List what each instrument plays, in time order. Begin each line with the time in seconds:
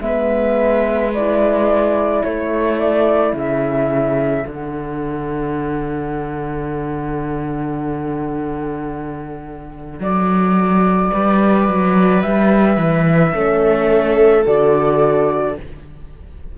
0.00 cello G#3, horn B3, viola B4, flute E5
1.13 horn E4, flute D5
2.23 cello A3, viola A4, flute C#5
2.78 flute D5
3.33 cello C#3, flute E5
4.46 cello D3, horn D4, flute F#5
10.00 cello F#3, flute D5
11.12 cello G3, viola B4
11.67 cello F#3
12.22 cello G3, flute E5
12.77 cello E3
13.33 cello A3, horn C#4, viola A4
14.46 cello D3, horn F#4, flute D5